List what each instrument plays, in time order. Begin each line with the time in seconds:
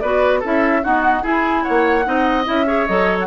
0.00 bassoon B3, clarinet F#4, oboe B4, flute D5
0.39 bassoon C#4, clarinet E4, oboe A4
0.45 flute E5
0.83 clarinet B3, bassoon D#4, oboe F#4, flute F#5
1.22 clarinet E4, bassoon E4, oboe G#4, flute G#5
1.63 bassoon A#3, oboe C#5, flute F#5
2.05 bassoon C4, clarinet D#4, oboe D#5
2.44 bassoon C#4, clarinet E4, flute E5
2.66 clarinet G#4, oboe C#5
2.87 bassoon F#3, clarinet A4, flute D#5
3.19 flute F#5